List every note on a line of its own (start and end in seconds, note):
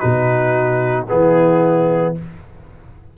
0.00 1.10 B2
0.00 1.07 D#4
0.00 1.06 F#4
0.00 1.06 B4
1.09 2.18 E3
1.09 2.15 B3
1.09 2.16 E4
1.09 2.15 G#4